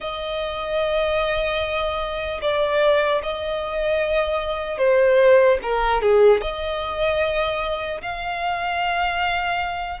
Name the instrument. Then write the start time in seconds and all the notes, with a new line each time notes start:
violin
0.00 D#5
2.41 D5
3.22 D#5
4.78 C5
5.62 A#4
6.01 G#4
6.41 D#5
8.01 F5